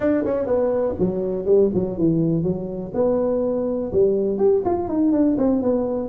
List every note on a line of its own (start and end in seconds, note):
0.00 0.24 D4
0.24 0.46 C#4
0.46 0.95 B3
0.99 1.45 F#3
1.45 1.70 G3
1.74 1.98 F#3
1.98 2.43 E3
2.43 2.92 F#3
2.94 3.91 B3
3.92 4.38 G3
4.38 4.62 G4
4.65 4.88 F4
4.88 5.12 D#4
5.12 5.36 D4
5.37 5.61 C4
5.61 6.08 B3